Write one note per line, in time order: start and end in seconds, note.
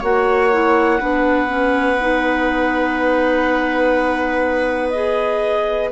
0.00 1.01 A#3
0.00 0.51 F#4
0.00 0.98 C#5
0.00 4.90 F#5
0.51 1.00 E4
1.00 5.92 B3
1.00 1.47 D4
1.00 5.92 B4
1.47 1.97 C#4
2.01 4.93 D#4
4.90 5.92 G#4
4.90 5.89 D#5